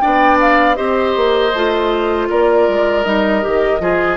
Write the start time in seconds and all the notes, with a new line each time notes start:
0.00 B3 D4 D5 G5
0.41 F5
0.76 C4 G4 C5 D#5
1.16 A#3
1.53 A3 F4
2.30 A#3 A#4 D5
2.69 G#3
3.05 G3 D#4 D#5
3.42 D#3 G4
3.80 F3 F4 G#4